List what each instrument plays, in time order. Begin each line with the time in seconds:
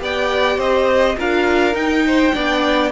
0.00 cello B3, viola G4, violin D5 G5
0.58 cello C4, violin C5 D#5
1.19 cello D4, viola F4, violin A#4 F5
1.74 viola D#4, cello D#4, violin G5
2.07 violin C5
2.33 cello B3, viola D4, violin D5